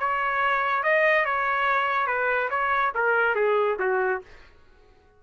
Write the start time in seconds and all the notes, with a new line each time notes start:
0.00 C#5
0.84 D#5
1.25 C#5
2.07 B4
2.50 C#5
2.95 A#4
3.36 G#4
3.80 F#4